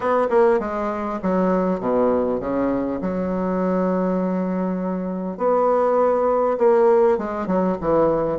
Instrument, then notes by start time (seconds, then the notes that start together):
bassoon
0.00 B3
0.30 A#3
0.59 G#3
1.22 F#3
1.80 B2
2.39 C#3
3.01 F#3
5.37 B3
6.58 A#3
7.18 G#3
7.46 F#3
7.80 E3